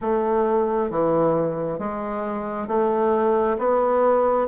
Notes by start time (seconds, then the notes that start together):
0.01 A3
0.90 E3
1.78 G#3
2.67 A3
3.58 B3